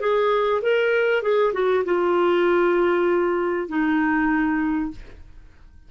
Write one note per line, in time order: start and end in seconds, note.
0.00 0.61 G#4
0.62 1.22 A#4
1.22 1.53 G#4
1.53 1.84 F#4
1.85 3.68 F4
3.68 4.91 D#4